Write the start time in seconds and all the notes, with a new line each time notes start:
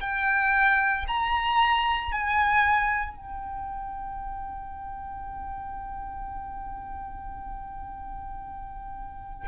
0.00 G5
1.07 A#5
2.11 G#5
3.16 G5